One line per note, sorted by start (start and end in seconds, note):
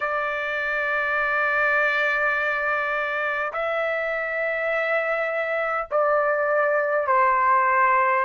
0.00 3.52 D5
3.52 5.88 E5
5.90 7.06 D5
7.06 8.24 C5